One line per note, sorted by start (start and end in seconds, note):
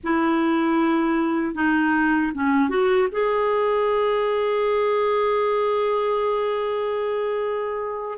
0.03 1.54 E4
1.54 2.32 D#4
2.34 2.69 C#4
2.69 3.08 F#4
3.11 8.18 G#4